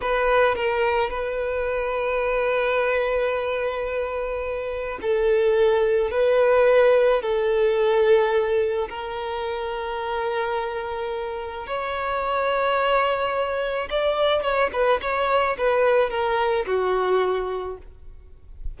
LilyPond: \new Staff \with { instrumentName = "violin" } { \time 4/4 \tempo 4 = 108 b'4 ais'4 b'2~ | b'1~ | b'4 a'2 b'4~ | b'4 a'2. |
ais'1~ | ais'4 cis''2.~ | cis''4 d''4 cis''8 b'8 cis''4 | b'4 ais'4 fis'2 | }